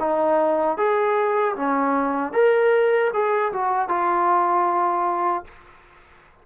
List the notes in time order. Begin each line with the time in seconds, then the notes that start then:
0.00 D#4
0.78 G#4
1.56 C#4
2.33 A#4
3.13 G#4
3.53 F#4
3.89 F4